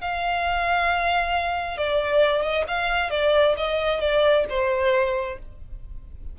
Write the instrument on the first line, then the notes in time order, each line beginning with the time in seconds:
violin
0.00 F5
1.77 D5
2.41 D#5
2.67 F5
3.10 D5
3.57 D#5
4.00 D5
4.49 C5